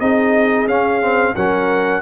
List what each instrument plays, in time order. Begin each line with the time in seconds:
0.00 tuba C4, trombone D#4, horn G#4, trumpet D#5
0.67 tuba C#4, trombone C#4, trumpet F5
1.02 trombone C4
1.35 tuba F#3, trombone C#4, horn A#4, trumpet F#5